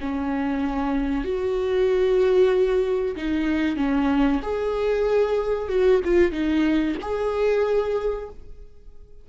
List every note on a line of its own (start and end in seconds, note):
0.00 1.24 C#4
1.24 3.15 F#4
3.16 3.76 D#4
3.76 4.40 C#4
4.42 5.68 G#4
5.68 6.00 F#4
6.04 6.31 F4
6.31 6.95 D#4
7.01 8.29 G#4